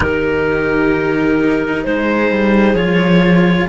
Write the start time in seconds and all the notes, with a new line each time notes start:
0.00 D#3 D#4 G4 A#4
1.84 G#3 G#4 C5
2.31 G3
2.73 F3 F4 C#5